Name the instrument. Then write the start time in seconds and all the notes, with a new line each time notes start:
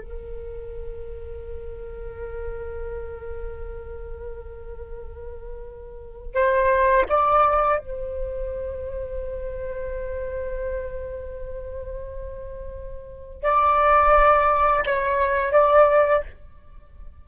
flute
0.00 A#4
6.34 C5
7.09 D5
7.79 C5
13.43 D5
14.86 C#5
15.52 D5